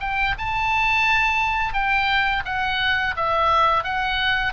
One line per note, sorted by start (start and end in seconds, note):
0.00 0.35 G5
0.38 1.73 A5
1.73 2.43 G5
2.45 3.15 F#5
3.16 3.83 E5
3.83 4.53 F#5